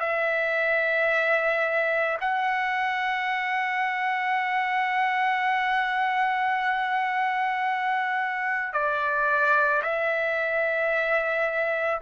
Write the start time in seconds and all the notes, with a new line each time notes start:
0.00 E5
2.21 F#5
8.73 D5
9.83 E5